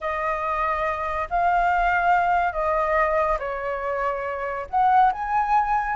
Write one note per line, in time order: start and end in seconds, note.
0.00 1.28 D#5
1.30 2.52 F5
2.52 3.38 D#5
3.39 4.66 C#5
4.69 5.12 F#5
5.12 5.95 G#5